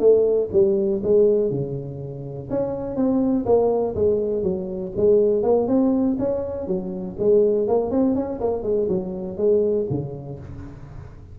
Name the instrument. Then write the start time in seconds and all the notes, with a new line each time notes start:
tuba
0.00 A3
0.53 G3
1.04 G#3
1.50 C#3
2.50 C#4
2.96 C4
3.46 A#3
3.96 G#3
4.43 F#3
4.97 G#3
5.43 A#3
5.68 C4
6.19 C#4
6.68 F#3
7.19 G#3
7.68 A#3
7.91 C4
8.15 C#4
8.41 A#3
8.63 G#3
8.89 F#3
9.37 G#3
9.90 C#3